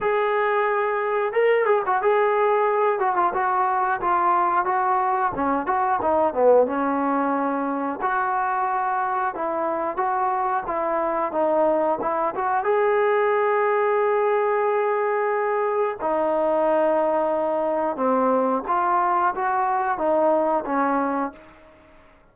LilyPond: \new Staff \with { instrumentName = "trombone" } { \time 4/4 \tempo 4 = 90 gis'2 ais'8 gis'16 fis'16 gis'4~ | gis'8 fis'16 f'16 fis'4 f'4 fis'4 | cis'8 fis'8 dis'8 b8 cis'2 | fis'2 e'4 fis'4 |
e'4 dis'4 e'8 fis'8 gis'4~ | gis'1 | dis'2. c'4 | f'4 fis'4 dis'4 cis'4 | }